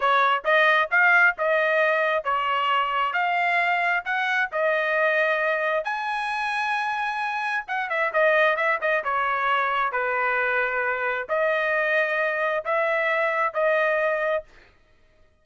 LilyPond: \new Staff \with { instrumentName = "trumpet" } { \time 4/4 \tempo 4 = 133 cis''4 dis''4 f''4 dis''4~ | dis''4 cis''2 f''4~ | f''4 fis''4 dis''2~ | dis''4 gis''2.~ |
gis''4 fis''8 e''8 dis''4 e''8 dis''8 | cis''2 b'2~ | b'4 dis''2. | e''2 dis''2 | }